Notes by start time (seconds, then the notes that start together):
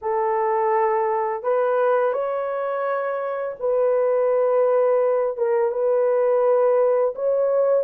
0.01 A4
1.43 B4
2.12 C#5
3.59 B4
5.37 A#4
5.71 B4
7.15 C#5